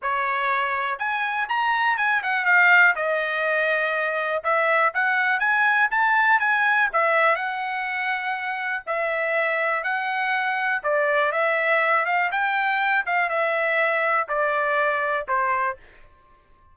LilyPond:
\new Staff \with { instrumentName = "trumpet" } { \time 4/4 \tempo 4 = 122 cis''2 gis''4 ais''4 | gis''8 fis''8 f''4 dis''2~ | dis''4 e''4 fis''4 gis''4 | a''4 gis''4 e''4 fis''4~ |
fis''2 e''2 | fis''2 d''4 e''4~ | e''8 f''8 g''4. f''8 e''4~ | e''4 d''2 c''4 | }